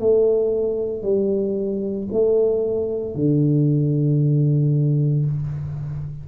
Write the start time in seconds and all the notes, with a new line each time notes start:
0.00 A3
1.03 G3
2.13 A3
3.15 D3